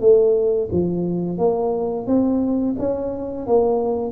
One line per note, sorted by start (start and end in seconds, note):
0.00 0.69 A3
0.71 1.37 F3
1.37 2.06 A#3
2.06 2.75 C4
2.78 3.46 C#4
3.46 4.11 A#3